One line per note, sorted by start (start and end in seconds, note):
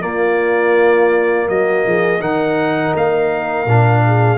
0.00 2.20 A#3
0.00 1.48 A#3
0.00 1.48 F4
0.00 1.48 D5
1.48 1.84 F#3
1.48 1.86 F#4
1.48 2.21 D#5
1.86 2.19 F3
1.86 2.20 G#4
2.19 2.92 D#3
2.19 3.66 D#4
2.19 4.03 A#4
2.19 2.94 F#5
2.94 3.65 A#3
2.94 4.38 F5
3.65 4.38 A#2
3.65 4.38 D4
4.05 4.38 G#4